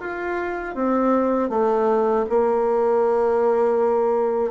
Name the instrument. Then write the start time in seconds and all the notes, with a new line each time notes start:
bassoon
0.00 F4
0.75 C4
1.49 A3
2.29 A#3